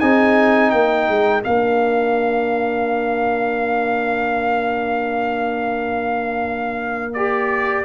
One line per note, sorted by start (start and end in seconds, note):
0.00 0.72 C4
0.00 1.42 D#4
0.00 0.72 G#4
0.00 0.71 G#5
0.71 1.08 A#3
0.71 7.85 A#4
0.71 1.42 G5
1.08 1.44 G#3
1.42 7.85 A#3
1.42 7.14 D4
1.42 7.14 F5
7.14 7.85 G4
7.14 7.85 D5